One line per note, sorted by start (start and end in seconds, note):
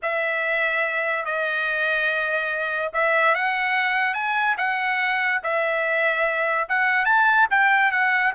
0.02 1.25 E5
1.25 2.92 D#5
2.93 3.34 E5
3.34 4.13 F#5
4.13 4.55 G#5
4.57 5.41 F#5
5.43 6.68 E5
6.68 7.05 F#5
7.05 7.47 A5
7.50 7.91 G5
7.91 8.33 F#5